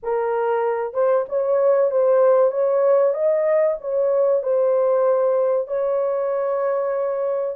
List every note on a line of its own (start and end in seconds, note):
0.02 0.93 A#4
0.93 1.25 C5
1.29 1.91 C#5
1.91 2.51 C5
2.51 3.13 C#5
3.13 3.77 D#5
3.81 4.42 C#5
4.42 5.67 C5
5.67 7.56 C#5